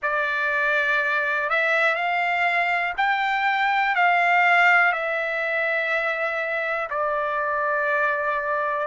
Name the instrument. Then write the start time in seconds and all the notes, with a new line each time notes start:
trumpet
0.02 D5
1.49 E5
1.94 F5
2.97 G5
3.95 F5
4.92 E5
6.89 D5